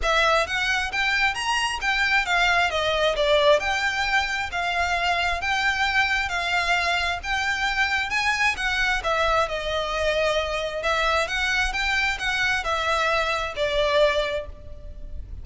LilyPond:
\new Staff \with { instrumentName = "violin" } { \time 4/4 \tempo 4 = 133 e''4 fis''4 g''4 ais''4 | g''4 f''4 dis''4 d''4 | g''2 f''2 | g''2 f''2 |
g''2 gis''4 fis''4 | e''4 dis''2. | e''4 fis''4 g''4 fis''4 | e''2 d''2 | }